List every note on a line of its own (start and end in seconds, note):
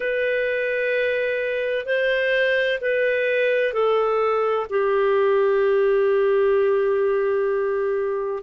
0.00 1.85 B4
1.85 2.79 C5
2.80 3.73 B4
3.73 4.66 A4
4.69 8.43 G4